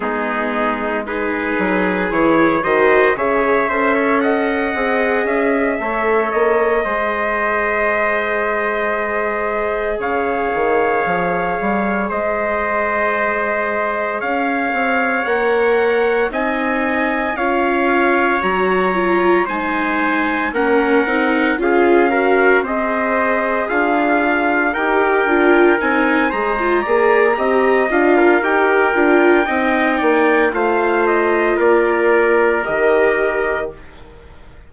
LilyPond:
<<
  \new Staff \with { instrumentName = "trumpet" } { \time 4/4 \tempo 4 = 57 gis'4 b'4 cis''8 dis''8 e''4 | fis''4 e''4 dis''2~ | dis''4. f''2 dis''8~ | dis''4. f''4 fis''4 gis''8~ |
gis''8 f''4 ais''4 gis''4 fis''8~ | fis''8 f''4 dis''4 f''4 g''8~ | g''8 gis''8 ais''4. f''8 g''4~ | g''4 f''8 dis''8 d''4 dis''4 | }
  \new Staff \with { instrumentName = "trumpet" } { \time 4/4 dis'4 gis'4. c''8 cis''8 c''16 cis''16 | dis''4. cis''4 c''4.~ | c''4. cis''2 c''8~ | c''4. cis''2 dis''8~ |
dis''8 cis''2 c''4 ais'8~ | ais'8 gis'8 ais'8 c''4 f'4 ais'8~ | ais'4 c''8 d''8 dis''8. ais'4~ ais'16 | dis''8 d''8 c''4 ais'2 | }
  \new Staff \with { instrumentName = "viola" } { \time 4/4 b4 dis'4 e'8 fis'8 gis'8 a'8~ | a'8 gis'4 a'4 gis'4.~ | gis'1~ | gis'2~ gis'8 ais'4 dis'8~ |
dis'8 f'4 fis'8 f'8 dis'4 cis'8 | dis'8 f'8 fis'8 gis'2 g'8 | f'8 dis'8 gis'16 f'16 gis'8 g'8 f'8 g'8 f'8 | dis'4 f'2 g'4 | }
  \new Staff \with { instrumentName = "bassoon" } { \time 4/4 gis4. fis8 e8 dis8 cis8 cis'8~ | cis'8 c'8 cis'8 a8 ais8 gis4.~ | gis4. cis8 dis8 f8 g8 gis8~ | gis4. cis'8 c'8 ais4 c'8~ |
c'8 cis'4 fis4 gis4 ais8 | c'8 cis'4 c'4 d'4 dis'8 | d'8 c'8 gis8 ais8 c'8 d'8 dis'8 d'8 | c'8 ais8 a4 ais4 dis4 | }
>>